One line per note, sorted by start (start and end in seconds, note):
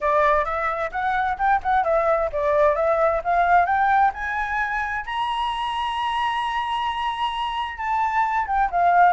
0.00 0.45 D5
0.45 0.90 E5
0.91 1.37 F#5
1.38 1.61 G5
1.62 1.84 F#5
1.84 2.29 E5
2.32 2.75 D5
2.75 3.21 E5
3.24 3.65 F5
3.65 4.11 G5
4.13 5.05 G#5
5.05 7.77 A#5
7.77 8.46 A5
8.46 8.69 G5
8.70 9.12 F5